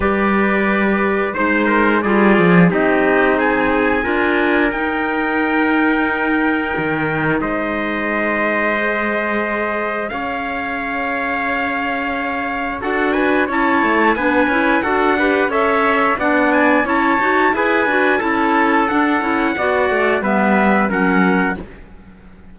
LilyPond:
<<
  \new Staff \with { instrumentName = "trumpet" } { \time 4/4 \tempo 4 = 89 d''2 c''4 d''4 | dis''4 gis''2 g''4~ | g''2. dis''4~ | dis''2. f''4~ |
f''2. fis''8 gis''8 | a''4 gis''4 fis''4 e''4 | fis''8 gis''8 a''4 gis''4 a''4 | fis''2 e''4 fis''4 | }
  \new Staff \with { instrumentName = "trumpet" } { \time 4/4 b'2 c''8 ais'8 gis'4 | g'4 gis'4 ais'2~ | ais'2. c''4~ | c''2. cis''4~ |
cis''2. a'8 b'8 | cis''4 b'4 a'8 b'8 cis''4 | d''4 cis''4 b'4 a'4~ | a'4 d''4 b'4 ais'4 | }
  \new Staff \with { instrumentName = "clarinet" } { \time 4/4 g'2 dis'4 f'4 | dis'2 f'4 dis'4~ | dis'1~ | dis'4 gis'2.~ |
gis'2. fis'4 | e'4 d'8 e'8 fis'8 g'8 a'4 | d'4 e'8 fis'8 gis'8 fis'8 e'4 | d'8 e'8 fis'4 b4 cis'4 | }
  \new Staff \with { instrumentName = "cello" } { \time 4/4 g2 gis4 g8 f8 | c'2 d'4 dis'4~ | dis'2 dis4 gis4~ | gis2. cis'4~ |
cis'2. d'4 | cis'8 a8 b8 cis'8 d'4 cis'4 | b4 cis'8 dis'8 e'8 d'8 cis'4 | d'8 cis'8 b8 a8 g4 fis4 | }
>>